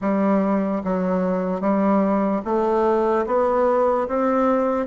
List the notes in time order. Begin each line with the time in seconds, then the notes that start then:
0.01 G3
0.84 F#3
1.60 G3
2.44 A3
3.26 B3
4.08 C4